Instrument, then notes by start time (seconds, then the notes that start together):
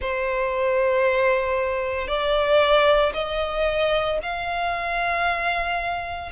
violin
0.01 C5
2.07 D5
3.13 D#5
4.22 F5